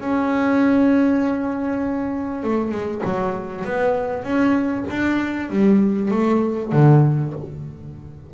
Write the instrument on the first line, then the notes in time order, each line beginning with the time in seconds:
double bass
0.00 C#4
2.43 A3
2.71 G#3
3.04 F#3
3.65 B3
4.24 C#4
4.90 D4
5.50 G3
6.11 A3
6.72 D3